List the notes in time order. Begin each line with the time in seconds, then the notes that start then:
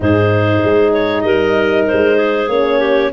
0.00 G#2 D#4 G#4 C5
0.64 G#3
0.93 C#5
1.21 G3 A#4 D#5
1.87 G#3 C5
2.16 G#4
2.48 A#3 C#4 C#5
2.79 G4